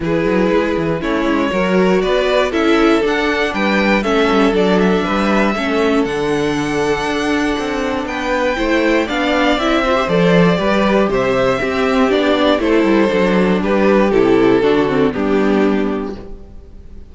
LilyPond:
<<
  \new Staff \with { instrumentName = "violin" } { \time 4/4 \tempo 4 = 119 b'2 cis''2 | d''4 e''4 fis''4 g''4 | e''4 d''8 e''2~ e''8 | fis''1 |
g''2 f''4 e''4 | d''2 e''2 | d''4 c''2 b'4 | a'2 g'2 | }
  \new Staff \with { instrumentName = "violin" } { \time 4/4 gis'2 e'4 ais'4 | b'4 a'2 b'4 | a'2 b'4 a'4~ | a'1 |
b'4 c''4 d''4. c''8~ | c''4 b'4 c''4 g'4~ | g'4 a'2 g'4~ | g'4 fis'4 d'2 | }
  \new Staff \with { instrumentName = "viola" } { \time 4/4 e'2 cis'4 fis'4~ | fis'4 e'4 d'2 | cis'4 d'2 cis'4 | d'1~ |
d'4 e'4 d'4 e'8 f'16 g'16 | a'4 g'2 c'4 | d'4 e'4 d'2 | e'4 d'8 c'8 b2 | }
  \new Staff \with { instrumentName = "cello" } { \time 4/4 e8 fis8 gis8 e8 a8 gis8 fis4 | b4 cis'4 d'4 g4 | a8 g8 fis4 g4 a4 | d2 d'4 c'4 |
b4 a4 b4 c'4 | f4 g4 c4 c'4 | b4 a8 g8 fis4 g4 | c4 d4 g2 | }
>>